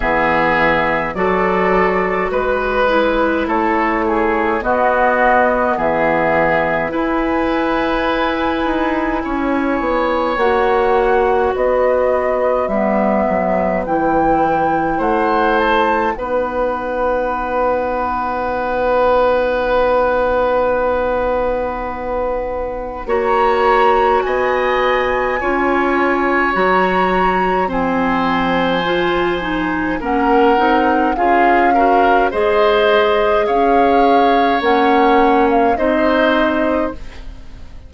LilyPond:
<<
  \new Staff \with { instrumentName = "flute" } { \time 4/4 \tempo 4 = 52 e''4 d''4 b'4 cis''4 | dis''4 e''4 gis''2~ | gis''4 fis''4 dis''4 e''4 | g''4 fis''8 a''8 fis''2~ |
fis''1 | ais''4 gis''2 ais''4 | gis''2 fis''4 f''4 | dis''4 f''4 fis''8. f''16 dis''4 | }
  \new Staff \with { instrumentName = "oboe" } { \time 4/4 gis'4 a'4 b'4 a'8 gis'8 | fis'4 gis'4 b'2 | cis''2 b'2~ | b'4 c''4 b'2~ |
b'1 | cis''4 dis''4 cis''2 | c''2 ais'4 gis'8 ais'8 | c''4 cis''2 c''4 | }
  \new Staff \with { instrumentName = "clarinet" } { \time 4/4 b4 fis'4. e'4. | b2 e'2~ | e'4 fis'2 b4 | e'2 dis'2~ |
dis'1 | fis'2 f'4 fis'4 | c'4 f'8 dis'8 cis'8 dis'8 f'8 fis'8 | gis'2 cis'4 dis'4 | }
  \new Staff \with { instrumentName = "bassoon" } { \time 4/4 e4 fis4 gis4 a4 | b4 e4 e'4. dis'8 | cis'8 b8 ais4 b4 g8 fis8 | e4 a4 b2~ |
b1 | ais4 b4 cis'4 fis4 | f2 ais8 c'8 cis'4 | gis4 cis'4 ais4 c'4 | }
>>